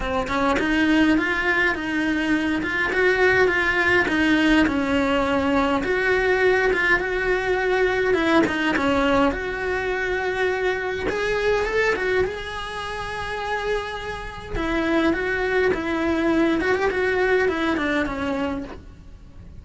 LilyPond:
\new Staff \with { instrumentName = "cello" } { \time 4/4 \tempo 4 = 103 c'8 cis'8 dis'4 f'4 dis'4~ | dis'8 f'8 fis'4 f'4 dis'4 | cis'2 fis'4. f'8 | fis'2 e'8 dis'8 cis'4 |
fis'2. gis'4 | a'8 fis'8 gis'2.~ | gis'4 e'4 fis'4 e'4~ | e'8 fis'16 g'16 fis'4 e'8 d'8 cis'4 | }